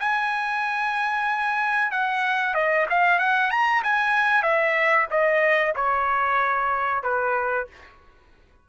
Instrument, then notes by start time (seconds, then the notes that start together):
trumpet
0.00 G#5
1.91 F#5
2.54 D#5
2.90 F5
3.19 F#5
3.51 A#5
3.83 G#5
4.43 E5
5.11 D#5
5.76 C#5
7.03 B4